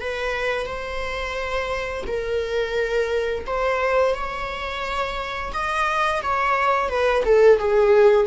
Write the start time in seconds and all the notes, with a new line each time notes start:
0.00 B4
0.66 C5
2.07 A#4
3.46 C5
4.14 C#5
5.52 D#5
6.22 C#5
6.89 B4
7.25 A4
7.59 G#4